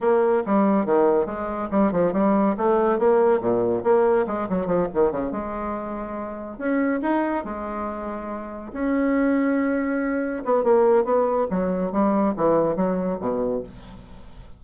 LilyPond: \new Staff \with { instrumentName = "bassoon" } { \time 4/4 \tempo 4 = 141 ais4 g4 dis4 gis4 | g8 f8 g4 a4 ais4 | ais,4 ais4 gis8 fis8 f8 dis8 | cis8 gis2. cis'8~ |
cis'8 dis'4 gis2~ gis8~ | gis8 cis'2.~ cis'8~ | cis'8 b8 ais4 b4 fis4 | g4 e4 fis4 b,4 | }